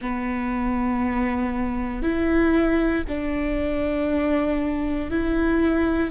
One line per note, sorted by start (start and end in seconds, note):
0.01 2.02 B3
2.02 3.04 E4
3.07 5.10 D4
5.10 6.10 E4